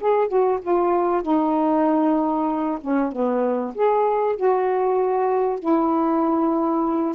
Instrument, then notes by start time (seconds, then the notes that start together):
saxophone
0.00 G#4
0.27 F#4
0.61 F4
1.22 D#4
2.81 C#4
3.11 B3
3.74 G#4
4.36 F#4
5.59 E4